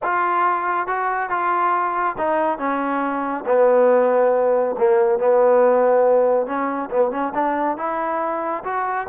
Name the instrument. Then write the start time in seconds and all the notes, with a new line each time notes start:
trombone
0.02 F4
0.87 F#4
1.29 F4
2.18 D#4
2.58 C#4
3.46 B3
4.78 A#3
5.18 B3
6.46 C#4
6.90 B3
7.11 C#4
7.34 D4
7.77 E4
8.64 F#4